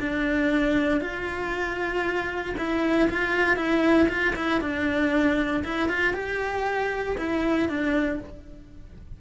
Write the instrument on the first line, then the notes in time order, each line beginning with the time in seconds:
cello
0.00 D4
1.01 F4
2.58 E4
3.09 F4
3.56 E4
4.08 F4
4.35 E4
4.61 D4
5.64 E4
5.89 F4
6.14 G4
7.17 E4
7.69 D4